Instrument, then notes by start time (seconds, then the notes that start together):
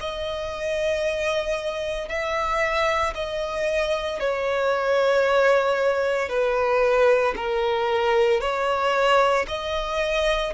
violin
0.00 D#5
2.09 E5
3.15 D#5
4.20 C#5
6.29 B4
7.36 A#4
8.41 C#5
9.48 D#5